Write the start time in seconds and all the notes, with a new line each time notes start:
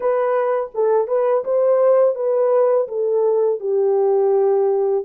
0.00 B4
0.74 A4
1.07 B4
1.44 C5
2.15 B4
2.88 A4
3.59 G4